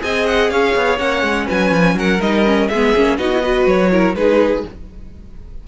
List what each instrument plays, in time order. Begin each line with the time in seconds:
0.00 cello C4, viola G#4, violin D#5 G#5
0.27 violin F#5
0.50 cello C#4, violin C#5 F5
0.76 cello B3
0.98 cello A#3, viola C#4, violin F#5
1.23 cello G#3
1.47 cello F#3, violin B4 G#5
1.72 cello F3
1.95 cello F#3, violin A#4 F#5
2.20 cello G3, viola D#4, violin D#5
2.45 viola C#4
2.68 cello G#3, violin G#4 E5
2.74 viola B3
2.96 cello A#3, viola C#4
3.18 cello B3, viola D#4, violin F#4 D#5
3.33 viola E4
3.42 viola F#4, violin B4
3.66 cello F#3, violin C#5
3.91 viola E4, violin A#4
4.15 cello G#3, viola D#4, violin G#4 B4